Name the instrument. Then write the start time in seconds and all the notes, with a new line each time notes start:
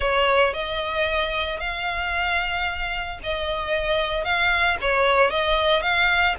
violin
0.00 C#5
0.53 D#5
1.60 F5
3.23 D#5
4.24 F5
4.81 C#5
5.30 D#5
5.82 F5